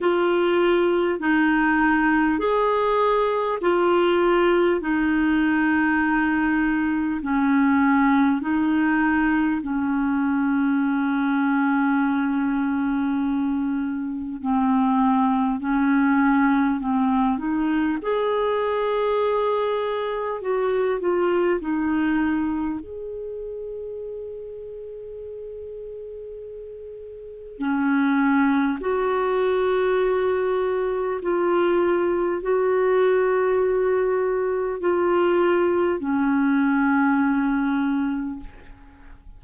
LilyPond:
\new Staff \with { instrumentName = "clarinet" } { \time 4/4 \tempo 4 = 50 f'4 dis'4 gis'4 f'4 | dis'2 cis'4 dis'4 | cis'1 | c'4 cis'4 c'8 dis'8 gis'4~ |
gis'4 fis'8 f'8 dis'4 gis'4~ | gis'2. cis'4 | fis'2 f'4 fis'4~ | fis'4 f'4 cis'2 | }